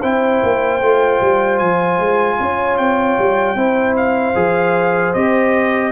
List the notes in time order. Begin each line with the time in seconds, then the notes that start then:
0.00 C4 E4 C5 G5
0.42 A#3
0.81 A3 F4
1.21 G3
1.58 F3 G#5
1.98 G#3
2.39 C#4 C#5
2.77 C4 G5
3.18 G3
3.54 C4 E4 C5
3.96 F5
4.35 F3 G#4
5.13 C4 G4 D#5